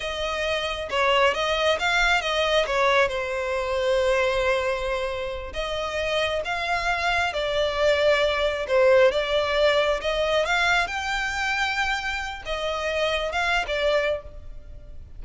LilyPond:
\new Staff \with { instrumentName = "violin" } { \time 4/4 \tempo 4 = 135 dis''2 cis''4 dis''4 | f''4 dis''4 cis''4 c''4~ | c''1~ | c''8 dis''2 f''4.~ |
f''8 d''2. c''8~ | c''8 d''2 dis''4 f''8~ | f''8 g''2.~ g''8 | dis''2 f''8. d''4~ d''16 | }